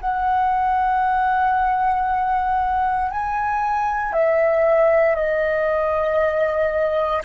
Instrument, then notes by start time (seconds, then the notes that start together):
flute
0.00 F#5
3.10 G#5
4.13 E5
5.15 D#5